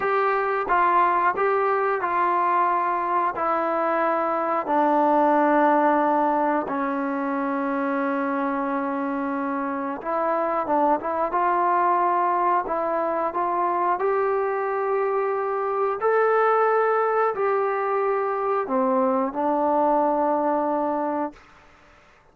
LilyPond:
\new Staff \with { instrumentName = "trombone" } { \time 4/4 \tempo 4 = 90 g'4 f'4 g'4 f'4~ | f'4 e'2 d'4~ | d'2 cis'2~ | cis'2. e'4 |
d'8 e'8 f'2 e'4 | f'4 g'2. | a'2 g'2 | c'4 d'2. | }